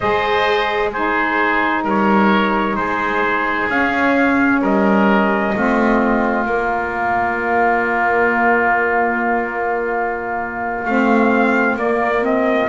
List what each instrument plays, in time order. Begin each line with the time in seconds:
0.00 double bass G#3, saxophone G#4, oboe C5, trumpet D#5
0.92 saxophone D#4, oboe G#4, trumpet C5
1.83 double bass G3, oboe A#4, trumpet C#5
2.76 double bass G#3, oboe G#4, trumpet C5
3.69 double bass C#4, saxophone C#4, trumpet F5
4.61 double bass G3, oboe A#4, trumpet D#5
5.55 double bass A3, saxophone C4, oboe F4
6.45 saxophone A#3, double bass A#3, trumpet D5
10.84 double bass A3, saxophone C4, trumpet F5
11.76 double bass A#3, saxophone A#3, trumpet D5
12.22 saxophone C4, trumpet D#5